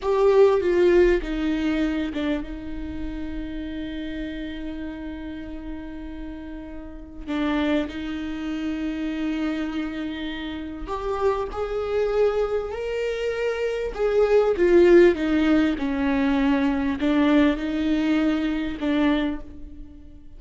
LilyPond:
\new Staff \with { instrumentName = "viola" } { \time 4/4 \tempo 4 = 99 g'4 f'4 dis'4. d'8 | dis'1~ | dis'1 | d'4 dis'2.~ |
dis'2 g'4 gis'4~ | gis'4 ais'2 gis'4 | f'4 dis'4 cis'2 | d'4 dis'2 d'4 | }